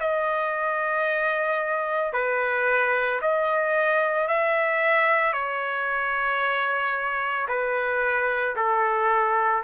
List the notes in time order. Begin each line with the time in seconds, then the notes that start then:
0.00 D#5
2.14 B4
3.21 D#5
4.28 E5
5.33 C#5
7.49 B4
8.57 A4